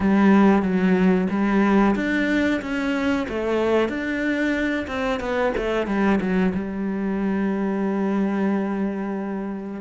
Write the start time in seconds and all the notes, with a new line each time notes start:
0.00 G3
0.62 F#3
1.30 G3
1.95 D4
2.61 C#4
3.28 A3
3.88 D4
4.87 C4
5.19 B3
5.57 A3
5.86 G3
6.20 F#3
6.55 G3